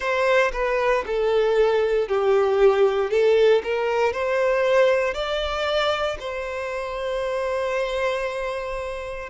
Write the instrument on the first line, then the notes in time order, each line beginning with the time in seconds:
violin
0.00 C5
0.52 B4
1.06 A4
2.07 G4
3.10 A4
3.63 A#4
4.12 C5
5.13 D5
6.19 C5